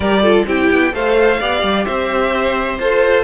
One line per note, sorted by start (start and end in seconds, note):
0.00 0.43 G3
0.00 0.23 G4
0.00 0.22 A#4
0.00 0.45 D5
0.22 0.46 F4
0.22 0.45 A4
0.46 0.69 C4
0.46 0.92 E4
0.46 0.93 G4
0.46 0.94 G5
0.71 0.93 B3
0.92 1.39 A3
0.92 1.39 A4
0.92 1.40 C5
0.92 1.85 F5
1.40 1.62 B3
1.40 2.80 G4
1.40 1.85 D5
1.62 1.85 G3
1.85 2.78 C4
1.85 3.23 C5
1.85 2.78 E5
2.78 3.23 F4
2.78 3.23 A4
2.78 3.23 C5